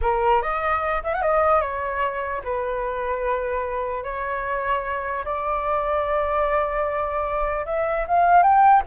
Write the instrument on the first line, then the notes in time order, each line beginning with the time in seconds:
flute
0.01 A#4
0.42 D#5
1.03 E5
1.14 F#5
1.22 D#5
1.61 C#5
2.43 B4
4.03 C#5
5.24 D5
7.65 E5
8.07 F5
8.42 G5